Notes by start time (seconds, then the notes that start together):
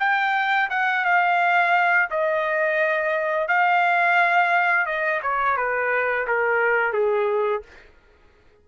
0.00 G5
0.70 F#5
1.05 F5
2.11 D#5
3.49 F5
4.86 D#5
5.23 C#5
5.57 B4
6.28 A#4
6.93 G#4